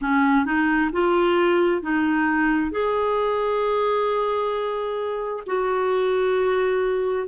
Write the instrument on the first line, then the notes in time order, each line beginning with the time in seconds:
clarinet
0.01 C#4
0.45 D#4
0.92 F4
1.81 D#4
2.71 G#4
5.46 F#4